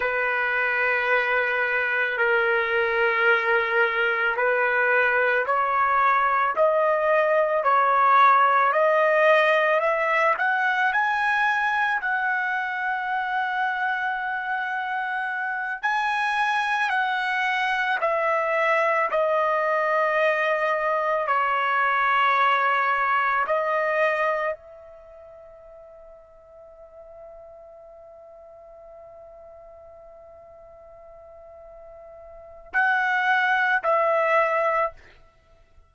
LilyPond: \new Staff \with { instrumentName = "trumpet" } { \time 4/4 \tempo 4 = 55 b'2 ais'2 | b'4 cis''4 dis''4 cis''4 | dis''4 e''8 fis''8 gis''4 fis''4~ | fis''2~ fis''8 gis''4 fis''8~ |
fis''8 e''4 dis''2 cis''8~ | cis''4. dis''4 e''4.~ | e''1~ | e''2 fis''4 e''4 | }